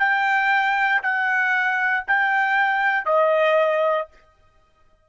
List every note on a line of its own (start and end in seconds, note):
0.00 1.02 G5
1.03 2.05 F#5
2.08 3.06 G5
3.06 4.08 D#5